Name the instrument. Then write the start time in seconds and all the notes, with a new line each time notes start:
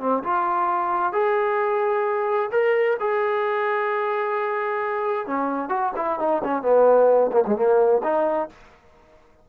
trombone
0.00 C4
0.24 F4
1.13 G#4
2.51 A#4
3.00 G#4
5.27 C#4
5.69 F#4
5.96 E4
6.19 D#4
6.44 C#4
6.62 B3
7.32 A#3
7.47 G#3
7.56 A#3
8.03 D#4